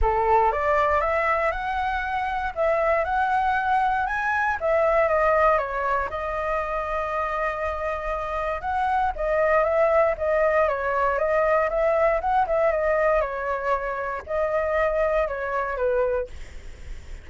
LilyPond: \new Staff \with { instrumentName = "flute" } { \time 4/4 \tempo 4 = 118 a'4 d''4 e''4 fis''4~ | fis''4 e''4 fis''2 | gis''4 e''4 dis''4 cis''4 | dis''1~ |
dis''4 fis''4 dis''4 e''4 | dis''4 cis''4 dis''4 e''4 | fis''8 e''8 dis''4 cis''2 | dis''2 cis''4 b'4 | }